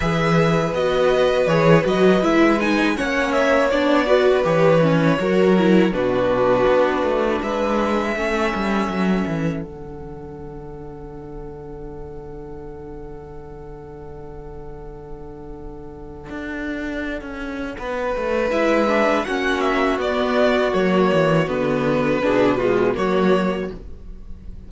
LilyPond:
<<
  \new Staff \with { instrumentName = "violin" } { \time 4/4 \tempo 4 = 81 e''4 dis''4 cis''8 dis''8 e''8 gis''8 | fis''8 e''8 d''4 cis''2 | b'2 e''2~ | e''4 fis''2.~ |
fis''1~ | fis''1~ | fis''4 e''4 fis''8 e''8 d''4 | cis''4 b'2 cis''4 | }
  \new Staff \with { instrumentName = "violin" } { \time 4/4 b'1 | cis''4. b'4. ais'4 | fis'2 b'4 a'4~ | a'1~ |
a'1~ | a'1 | b'2 fis'2~ | fis'2 gis'8 f'8 fis'4 | }
  \new Staff \with { instrumentName = "viola" } { \time 4/4 gis'4 fis'4 gis'8 fis'8 e'8 dis'8 | cis'4 d'8 fis'8 g'8 cis'8 fis'8 e'8 | d'2. cis'4~ | cis'4 d'2.~ |
d'1~ | d'1~ | d'4 e'8 d'8 cis'4 b4 | ais4 b4 d'8 gis8 ais4 | }
  \new Staff \with { instrumentName = "cello" } { \time 4/4 e4 b4 e8 fis8 gis4 | ais4 b4 e4 fis4 | b,4 b8 a8 gis4 a8 g8 | fis8 e8 d2.~ |
d1~ | d2 d'4~ d'16 cis'8. | b8 a8 gis4 ais4 b4 | fis8 e8 d4 b,4 fis4 | }
>>